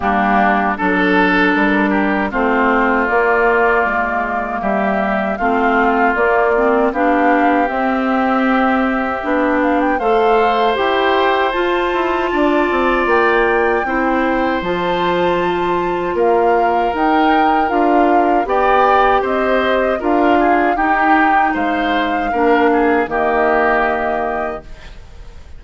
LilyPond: <<
  \new Staff \with { instrumentName = "flute" } { \time 4/4 \tempo 4 = 78 g'4 a'4 ais'4 c''4 | d''2 e''4 f''4 | d''4 f''4 e''2~ | e''8 f''16 g''16 f''4 g''4 a''4~ |
a''4 g''2 a''4~ | a''4 f''4 g''4 f''4 | g''4 dis''4 f''4 g''4 | f''2 dis''2 | }
  \new Staff \with { instrumentName = "oboe" } { \time 4/4 d'4 a'4. g'8 f'4~ | f'2 g'4 f'4~ | f'4 g'2.~ | g'4 c''2. |
d''2 c''2~ | c''4 ais'2. | d''4 c''4 ais'8 gis'8 g'4 | c''4 ais'8 gis'8 g'2 | }
  \new Staff \with { instrumentName = "clarinet" } { \time 4/4 ais4 d'2 c'4 | ais2. c'4 | ais8 c'8 d'4 c'2 | d'4 a'4 g'4 f'4~ |
f'2 e'4 f'4~ | f'2 dis'4 f'4 | g'2 f'4 dis'4~ | dis'4 d'4 ais2 | }
  \new Staff \with { instrumentName = "bassoon" } { \time 4/4 g4 fis4 g4 a4 | ais4 gis4 g4 a4 | ais4 b4 c'2 | b4 a4 e'4 f'8 e'8 |
d'8 c'8 ais4 c'4 f4~ | f4 ais4 dis'4 d'4 | b4 c'4 d'4 dis'4 | gis4 ais4 dis2 | }
>>